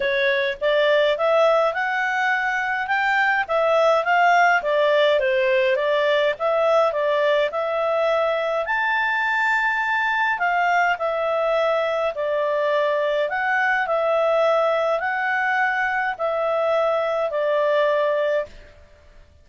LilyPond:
\new Staff \with { instrumentName = "clarinet" } { \time 4/4 \tempo 4 = 104 cis''4 d''4 e''4 fis''4~ | fis''4 g''4 e''4 f''4 | d''4 c''4 d''4 e''4 | d''4 e''2 a''4~ |
a''2 f''4 e''4~ | e''4 d''2 fis''4 | e''2 fis''2 | e''2 d''2 | }